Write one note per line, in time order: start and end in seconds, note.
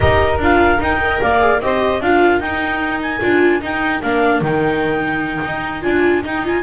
0.00 0.38 D#4
0.00 0.40 G4
0.00 1.00 A#4
0.00 0.40 D#5
0.38 0.78 D4
0.38 0.78 F4
0.38 0.82 F5
0.78 0.98 D#4
0.78 1.20 D#4
0.78 1.21 G5
1.00 1.39 A#4
1.00 1.21 D#5
1.21 1.60 A#3
1.21 1.61 D5
1.21 1.61 F5
1.39 1.59 G#4
1.60 2.00 C4
1.60 2.01 G4
1.60 2.02 C5
1.60 2.02 D#5
2.00 2.39 D4
2.00 2.42 F4
2.00 6.63 A#4
2.00 2.40 F5
2.39 3.20 D#4
2.39 3.00 G5
3.01 3.62 G#5
3.20 3.61 D4
3.20 3.60 F4
3.61 4.01 D#4
3.61 4.02 G5
4.02 4.41 A#3
4.02 4.43 D4
4.02 4.42 F5
4.41 5.42 D#3
4.41 5.81 D#4
4.41 5.82 G5
5.44 5.84 D#4
5.81 6.23 D4
5.81 6.22 F4
5.81 6.22 G#5
6.23 6.63 D#4
6.23 6.44 D#4
6.23 6.46 G5
6.44 6.63 F4
6.44 6.63 G#5